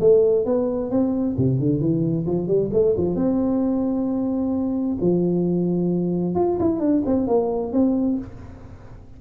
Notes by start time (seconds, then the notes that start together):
0.00 A3
0.45 B3
0.90 C4
1.37 C3
1.59 D3
1.80 E3
2.26 F3
2.47 G3
2.73 A3
2.97 F3
3.15 C4
5.00 F3
6.35 F4
6.59 E4
6.79 D4
7.05 C4
7.27 A#3
7.72 C4